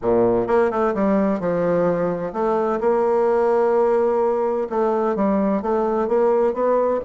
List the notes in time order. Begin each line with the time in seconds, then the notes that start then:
0.02 A#2
0.47 A#3
0.70 A3
0.94 G3
1.40 F3
2.32 A3
2.80 A#3
4.69 A3
5.15 G3
5.62 A3
6.08 A#3
6.53 B3